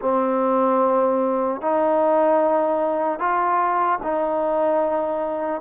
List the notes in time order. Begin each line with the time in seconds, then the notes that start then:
0.01 C4
1.61 D#4
3.19 F4
4.02 D#4